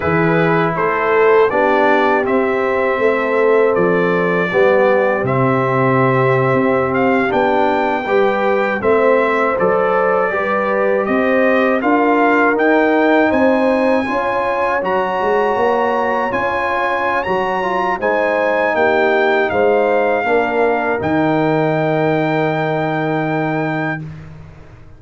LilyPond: <<
  \new Staff \with { instrumentName = "trumpet" } { \time 4/4 \tempo 4 = 80 b'4 c''4 d''4 e''4~ | e''4 d''2 e''4~ | e''4~ e''16 f''8 g''2 e''16~ | e''8. d''2 dis''4 f''16~ |
f''8. g''4 gis''2 ais''16~ | ais''4.~ ais''16 gis''4~ gis''16 ais''4 | gis''4 g''4 f''2 | g''1 | }
  \new Staff \with { instrumentName = "horn" } { \time 4/4 gis'4 a'4 g'2 | a'2 g'2~ | g'2~ g'8. b'4 c''16~ | c''4.~ c''16 b'4 c''4 ais'16~ |
ais'4.~ ais'16 c''4 cis''4~ cis''16~ | cis''1 | c''4 g'4 c''4 ais'4~ | ais'1 | }
  \new Staff \with { instrumentName = "trombone" } { \time 4/4 e'2 d'4 c'4~ | c'2 b4 c'4~ | c'4.~ c'16 d'4 g'4 c'16~ | c'8. a'4 g'2 f'16~ |
f'8. dis'2 f'4 fis'16~ | fis'4.~ fis'16 f'4~ f'16 fis'8 f'8 | dis'2. d'4 | dis'1 | }
  \new Staff \with { instrumentName = "tuba" } { \time 4/4 e4 a4 b4 c'4 | a4 f4 g4 c4~ | c8. c'4 b4 g4 a16~ | a8. fis4 g4 c'4 d'16~ |
d'8. dis'4 c'4 cis'4 fis16~ | fis16 gis8 ais4 cis'4~ cis'16 fis4 | gis4 ais4 gis4 ais4 | dis1 | }
>>